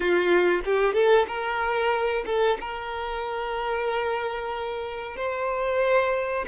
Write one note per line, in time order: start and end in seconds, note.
0.00 0.61 F4
0.65 0.93 G4
0.93 1.26 A4
1.27 2.24 A#4
2.26 2.58 A4
2.60 5.16 A#4
5.16 6.45 C5